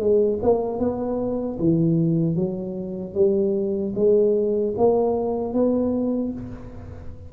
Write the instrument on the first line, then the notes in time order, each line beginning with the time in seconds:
tuba
0.00 G#3
0.43 A#3
0.79 B3
1.59 E3
2.36 F#3
3.15 G3
3.96 G#3
4.78 A#3
5.54 B3